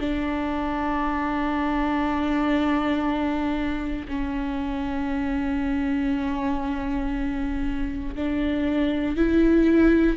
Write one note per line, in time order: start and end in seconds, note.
0.00 4.07 D4
4.08 8.15 C#4
8.15 9.17 D4
9.17 10.17 E4